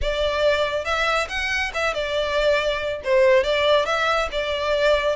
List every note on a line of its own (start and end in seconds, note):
0.01 0.85 D5
0.85 1.27 E5
1.28 1.71 F#5
1.74 1.94 E5
1.94 3.01 D5
3.04 3.43 C5
3.43 3.85 D5
3.85 4.28 E5
4.31 5.16 D5